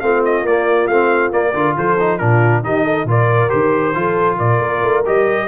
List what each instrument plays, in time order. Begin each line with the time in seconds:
0.00 tuba A3, trombone C4, horn F4, trumpet F5
0.25 trumpet D#5
0.42 tuba A#3, trombone A#3, trumpet D5
0.87 tuba A3, trombone C4, trumpet F5
1.32 trombone A#3, tuba A#3, trumpet D5
1.52 tuba D3, trombone F4, horn A#4
1.76 tuba F3, horn A4, trumpet C5
1.99 trombone D#4
2.18 tuba A#2, trombone D4, horn F4, trumpet A#4
2.63 tuba D#3, trombone D#4, horn G4, trumpet D#5
2.84 horn A4
3.04 tuba A#2, trombone F4, horn A#4
3.11 trumpet D5
3.49 tuba D#3, trombone G4, trumpet C5
3.94 tuba F3, trombone F4, horn A4
4.37 tuba A#2, horn A#4, trumpet D5
4.60 tuba A#3
4.82 tuba A3
5.06 tuba G3, trombone G4, trumpet D#5